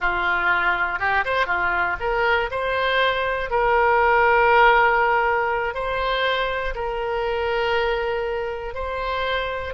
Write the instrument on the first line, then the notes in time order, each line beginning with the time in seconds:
oboe
0.00 F4
0.99 G4
1.25 C5
1.46 F4
2.00 A#4
2.50 C5
3.50 A#4
5.74 C5
6.75 A#4
8.74 C5